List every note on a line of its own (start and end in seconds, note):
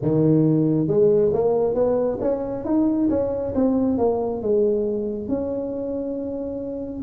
0.02 0.87 D#3
0.87 1.32 G#3
1.33 1.74 A#3
1.74 2.18 B3
2.21 2.65 C#4
2.65 3.09 D#4
3.09 3.53 C#4
3.54 3.97 C4
3.97 4.42 A#3
4.42 5.28 G#3
5.28 7.03 C#4